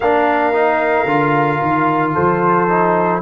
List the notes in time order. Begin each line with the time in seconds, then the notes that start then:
0.00 A#3 D4 A#4 F5
0.53 D#4
1.05 D3 F4
1.61 D#3
2.13 F3 A4 C5
2.69 D#4